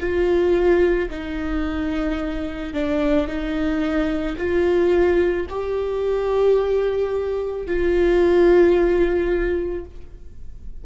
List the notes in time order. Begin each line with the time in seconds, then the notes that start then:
0.00 F4
1.10 D#4
2.73 D4
3.27 D#4
4.37 F4
5.49 G4
7.67 F4